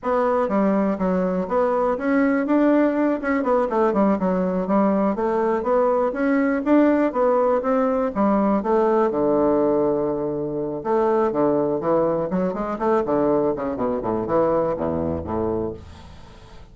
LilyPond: \new Staff \with { instrumentName = "bassoon" } { \time 4/4 \tempo 4 = 122 b4 g4 fis4 b4 | cis'4 d'4. cis'8 b8 a8 | g8 fis4 g4 a4 b8~ | b8 cis'4 d'4 b4 c'8~ |
c'8 g4 a4 d4.~ | d2 a4 d4 | e4 fis8 gis8 a8 d4 cis8 | b,8 a,8 e4 e,4 a,4 | }